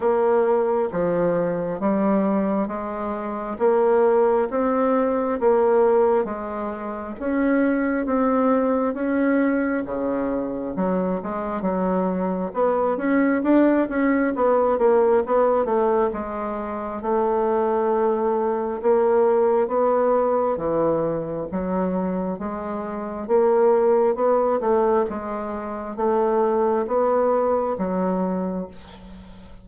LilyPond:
\new Staff \with { instrumentName = "bassoon" } { \time 4/4 \tempo 4 = 67 ais4 f4 g4 gis4 | ais4 c'4 ais4 gis4 | cis'4 c'4 cis'4 cis4 | fis8 gis8 fis4 b8 cis'8 d'8 cis'8 |
b8 ais8 b8 a8 gis4 a4~ | a4 ais4 b4 e4 | fis4 gis4 ais4 b8 a8 | gis4 a4 b4 fis4 | }